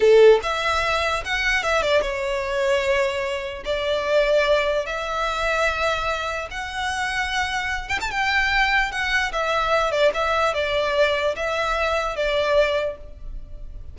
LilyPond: \new Staff \with { instrumentName = "violin" } { \time 4/4 \tempo 4 = 148 a'4 e''2 fis''4 | e''8 d''8 cis''2.~ | cis''4 d''2. | e''1 |
fis''2.~ fis''8 g''16 a''16 | g''2 fis''4 e''4~ | e''8 d''8 e''4 d''2 | e''2 d''2 | }